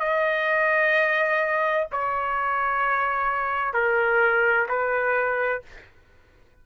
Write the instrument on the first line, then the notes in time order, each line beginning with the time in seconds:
trumpet
0.00 D#5
1.92 C#5
3.74 A#4
4.69 B4